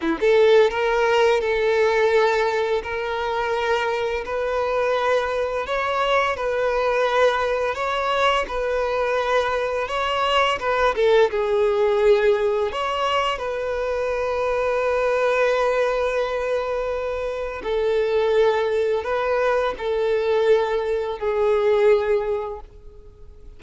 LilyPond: \new Staff \with { instrumentName = "violin" } { \time 4/4 \tempo 4 = 85 e'16 a'8. ais'4 a'2 | ais'2 b'2 | cis''4 b'2 cis''4 | b'2 cis''4 b'8 a'8 |
gis'2 cis''4 b'4~ | b'1~ | b'4 a'2 b'4 | a'2 gis'2 | }